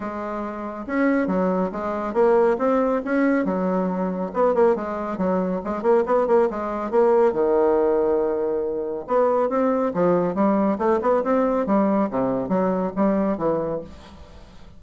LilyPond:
\new Staff \with { instrumentName = "bassoon" } { \time 4/4 \tempo 4 = 139 gis2 cis'4 fis4 | gis4 ais4 c'4 cis'4 | fis2 b8 ais8 gis4 | fis4 gis8 ais8 b8 ais8 gis4 |
ais4 dis2.~ | dis4 b4 c'4 f4 | g4 a8 b8 c'4 g4 | c4 fis4 g4 e4 | }